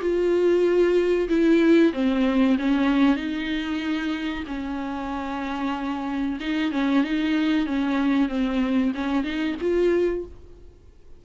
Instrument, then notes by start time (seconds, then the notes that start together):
viola
0.00 F4
1.28 E4
1.93 C4
2.58 C#4
3.16 D#4
4.47 C#4
6.40 D#4
6.72 C#4
7.04 D#4
7.66 C#4
8.28 C4
8.94 C#4
9.23 D#4
9.61 F4